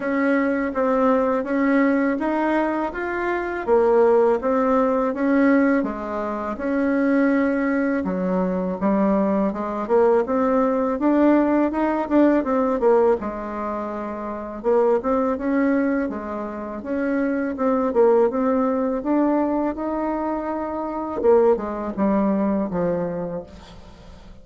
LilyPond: \new Staff \with { instrumentName = "bassoon" } { \time 4/4 \tempo 4 = 82 cis'4 c'4 cis'4 dis'4 | f'4 ais4 c'4 cis'4 | gis4 cis'2 fis4 | g4 gis8 ais8 c'4 d'4 |
dis'8 d'8 c'8 ais8 gis2 | ais8 c'8 cis'4 gis4 cis'4 | c'8 ais8 c'4 d'4 dis'4~ | dis'4 ais8 gis8 g4 f4 | }